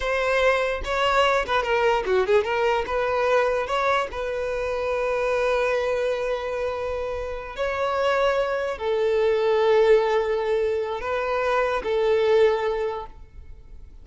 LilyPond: \new Staff \with { instrumentName = "violin" } { \time 4/4 \tempo 4 = 147 c''2 cis''4. b'8 | ais'4 fis'8 gis'8 ais'4 b'4~ | b'4 cis''4 b'2~ | b'1~ |
b'2~ b'8 cis''4.~ | cis''4. a'2~ a'8~ | a'2. b'4~ | b'4 a'2. | }